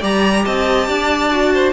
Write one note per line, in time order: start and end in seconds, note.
0.00 0.45 G3
0.00 1.31 G4
0.00 0.43 D5
0.00 0.45 A#5
0.45 0.88 C4
0.45 0.88 D#5
0.45 1.73 A5
0.88 1.73 D4
0.88 1.53 D5
1.31 1.73 F#4
1.54 1.73 C5